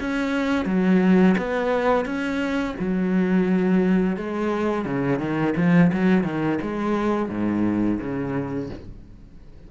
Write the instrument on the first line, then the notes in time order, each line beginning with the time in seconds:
cello
0.00 C#4
0.66 F#3
1.38 B3
2.05 C#4
2.79 F#3
4.16 G#3
4.85 C#3
5.19 D#3
5.56 F3
5.93 F#3
6.24 D#3
6.62 G#3
7.29 G#2
8.00 C#3